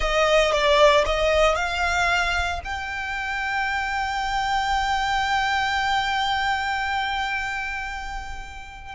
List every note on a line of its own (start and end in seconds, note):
0.00 0.51 D#5
0.51 1.04 D5
1.05 1.55 D#5
1.55 2.61 F5
2.64 8.95 G5